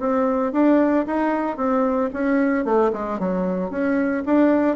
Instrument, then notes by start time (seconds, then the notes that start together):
bassoon
0.00 C4
0.53 D4
1.07 D#4
1.57 C4
2.14 C#4
2.65 A3
2.93 G#3
3.20 F#3
3.71 C#4
4.26 D4